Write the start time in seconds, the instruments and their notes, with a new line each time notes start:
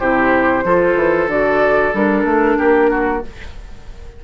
0.00 bassoon C3, clarinet E4, oboe G4, flute C5
0.65 bassoon F3, clarinet F4, oboe A4
0.96 bassoon E3
1.28 bassoon D3, clarinet F#4, flute D5
1.94 bassoon G3, clarinet D4, flute A#4
2.25 bassoon A3
2.58 bassoon A#3, oboe G4
2.91 oboe F#4